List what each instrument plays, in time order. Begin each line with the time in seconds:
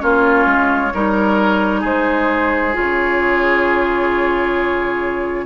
0.00 bassoon A#3, clarinet C#4, oboe F4, flute C#5
0.47 bassoon G#3
0.95 bassoon G3, clarinet D#4, oboe A#4
1.81 bassoon G#3, oboe G#4, flute C5
2.74 bassoon C#3, clarinet F4
2.80 flute C#5